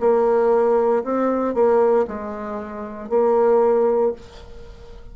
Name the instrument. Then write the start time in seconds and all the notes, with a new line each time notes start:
bassoon
0.00 A#3
1.04 C4
1.54 A#3
2.07 G#3
3.09 A#3